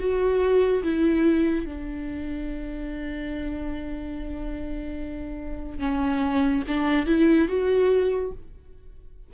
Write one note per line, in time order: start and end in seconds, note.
0.00 0.83 F#4
0.83 1.66 E4
1.66 5.80 D4
5.80 6.63 C#4
6.68 7.07 D4
7.07 7.48 E4
7.49 8.32 F#4